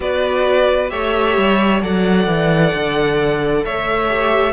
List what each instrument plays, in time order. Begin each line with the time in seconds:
0.00 cello B3, viola F#4, violin B4 D5
0.88 cello A3, viola G4, violin C#5 E5
1.37 cello G3
1.81 cello F#3, viola A4, violin D5 F#5
2.27 cello E3
2.73 cello D3
3.64 cello A3, violin C#5 E5
4.08 viola G4